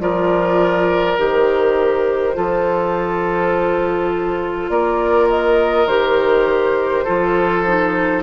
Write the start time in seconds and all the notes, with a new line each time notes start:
0.00 F3 F4 A#4 D5
1.17 D#3 G4 C5
2.34 F3 F4 A4
4.69 A#3 A#4 D5
5.30 D#5
5.87 D#3 G4 C5
7.05 F3 F4 A4
7.66 D#4